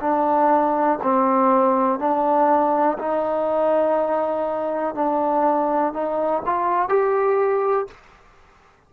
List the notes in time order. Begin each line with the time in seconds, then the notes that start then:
0.00 D4
1.02 C4
1.99 D4
2.98 D#4
4.94 D4
5.93 D#4
6.45 F4
6.89 G4